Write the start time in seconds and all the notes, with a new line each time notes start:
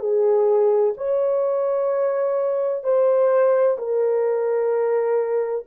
0.00 G#4
0.97 C#5
2.84 C5
3.78 A#4